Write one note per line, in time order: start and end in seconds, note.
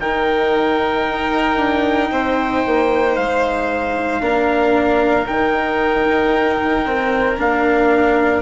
0.00 1.05 D#3
0.00 4.21 D#4
0.00 2.11 A#4
0.00 3.16 G5
1.11 1.57 D#4
1.57 2.10 D4
2.12 2.64 C4
2.12 4.22 C5
2.66 3.18 A#3
3.16 4.21 G#3
3.16 5.27 F5
4.21 5.27 A#3
4.21 5.26 D4
4.21 8.43 A#4
5.27 7.38 D#3
5.27 6.86 D#4
5.27 7.38 G5
6.86 7.37 C4
7.37 8.43 A#3
7.37 8.43 D4
7.37 8.43 F5